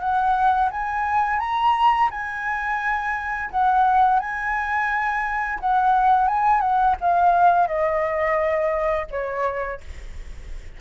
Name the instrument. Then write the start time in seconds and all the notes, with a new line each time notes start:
flute
0.00 F#5
0.71 G#5
1.40 A#5
2.11 G#5
3.51 F#5
4.20 G#5
5.60 F#5
6.28 G#5
6.61 F#5
7.01 F5
7.67 D#5
9.11 C#5